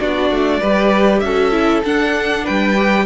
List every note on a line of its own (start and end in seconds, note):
0.00 0.31 B3
0.00 0.62 D4
0.00 0.61 F#4
0.00 1.20 D5
0.31 0.61 A3
0.61 1.22 G3
0.61 1.24 G4
0.61 1.22 B4
1.20 1.83 C#4
1.20 1.52 F#4
1.20 2.45 A4
1.20 1.81 E5
1.52 1.83 E4
1.85 2.46 D4
1.85 2.77 D4
1.85 2.46 F#5
2.45 3.06 G3
2.45 3.06 B4
2.45 3.06 G5
2.77 3.06 G4